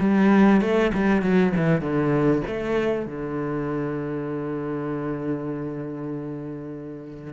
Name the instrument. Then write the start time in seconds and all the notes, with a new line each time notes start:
cello
0.00 G3
0.61 A3
0.94 G3
1.22 F#3
1.56 E3
1.81 D3
2.47 A3
3.06 D3